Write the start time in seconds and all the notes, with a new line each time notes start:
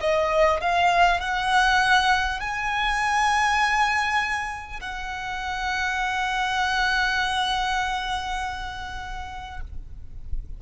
0.00 D#5
0.60 F5
1.19 F#5
2.40 G#5
4.80 F#5